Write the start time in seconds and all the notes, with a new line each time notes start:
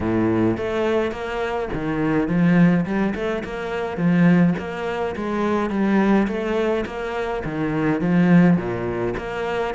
0.00 A2
0.57 A3
1.11 A#3
1.73 D#3
2.28 F3
2.85 G3
3.14 A3
3.44 A#3
3.97 F3
4.58 A#3
5.16 G#3
5.70 G3
6.27 A3
6.86 A#3
7.44 D#3
8.00 F3
8.57 A#2
9.17 A#3